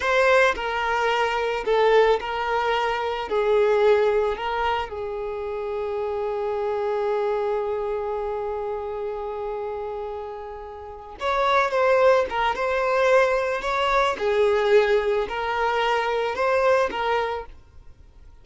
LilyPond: \new Staff \with { instrumentName = "violin" } { \time 4/4 \tempo 4 = 110 c''4 ais'2 a'4 | ais'2 gis'2 | ais'4 gis'2.~ | gis'1~ |
gis'1~ | gis'8 cis''4 c''4 ais'8 c''4~ | c''4 cis''4 gis'2 | ais'2 c''4 ais'4 | }